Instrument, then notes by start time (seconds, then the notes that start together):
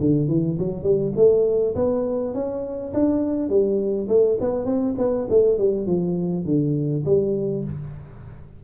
tuba
0.00 D3
0.28 E3
0.59 F#3
0.83 G3
1.16 A3
1.75 B3
2.34 C#4
2.94 D4
3.49 G3
4.09 A3
4.40 B3
4.66 C4
4.98 B3
5.30 A3
5.58 G3
5.87 F3
6.45 D3
7.05 G3